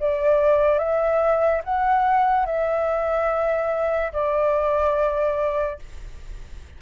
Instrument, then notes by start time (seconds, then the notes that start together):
flute
0.00 D5
0.79 E5
1.64 F#5
2.46 E5
4.13 D5